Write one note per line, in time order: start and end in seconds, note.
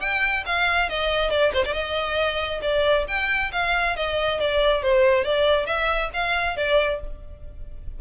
0.00 0.44 G5
0.46 0.89 F5
0.89 1.30 D#5
1.30 1.52 D5
1.53 1.64 C5
1.65 1.73 D5
1.73 2.60 D#5
2.61 3.05 D5
3.08 3.51 G5
3.52 3.96 F5
3.96 4.40 D#5
4.40 4.82 D5
4.82 5.24 C5
5.24 5.66 D5
5.66 6.10 E5
6.13 6.56 F5
6.56 7.00 D5